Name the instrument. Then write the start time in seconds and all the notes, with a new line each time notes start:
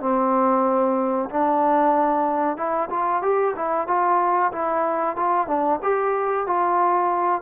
trombone
0.00 C4
1.29 D4
2.57 E4
2.89 F4
3.22 G4
3.55 E4
3.87 F4
4.52 E4
5.16 F4
5.47 D4
5.82 G4
6.46 F4